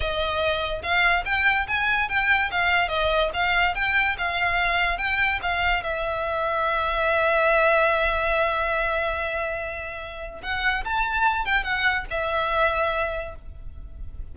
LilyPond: \new Staff \with { instrumentName = "violin" } { \time 4/4 \tempo 4 = 144 dis''2 f''4 g''4 | gis''4 g''4 f''4 dis''4 | f''4 g''4 f''2 | g''4 f''4 e''2~ |
e''1~ | e''1~ | e''4 fis''4 a''4. g''8 | fis''4 e''2. | }